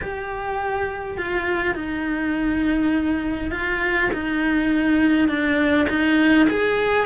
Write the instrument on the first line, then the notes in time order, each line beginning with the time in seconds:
cello
0.01 G4
1.17 F4
1.74 D#4
3.51 F4
4.13 D#4
5.28 D4
5.89 D#4
6.49 G#4